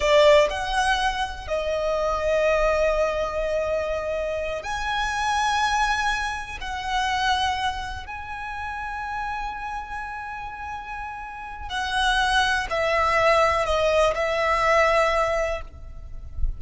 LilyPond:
\new Staff \with { instrumentName = "violin" } { \time 4/4 \tempo 4 = 123 d''4 fis''2 dis''4~ | dis''1~ | dis''4. gis''2~ gis''8~ | gis''4. fis''2~ fis''8~ |
fis''8 gis''2.~ gis''8~ | gis''1 | fis''2 e''2 | dis''4 e''2. | }